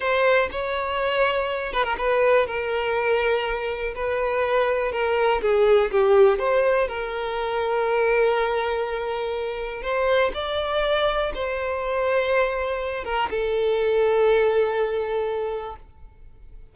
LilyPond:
\new Staff \with { instrumentName = "violin" } { \time 4/4 \tempo 4 = 122 c''4 cis''2~ cis''8 b'16 ais'16 | b'4 ais'2. | b'2 ais'4 gis'4 | g'4 c''4 ais'2~ |
ais'1 | c''4 d''2 c''4~ | c''2~ c''8 ais'8 a'4~ | a'1 | }